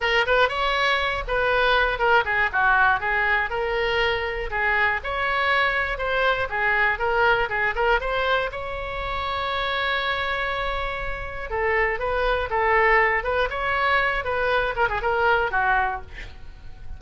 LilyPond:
\new Staff \with { instrumentName = "oboe" } { \time 4/4 \tempo 4 = 120 ais'8 b'8 cis''4. b'4. | ais'8 gis'8 fis'4 gis'4 ais'4~ | ais'4 gis'4 cis''2 | c''4 gis'4 ais'4 gis'8 ais'8 |
c''4 cis''2.~ | cis''2. a'4 | b'4 a'4. b'8 cis''4~ | cis''8 b'4 ais'16 gis'16 ais'4 fis'4 | }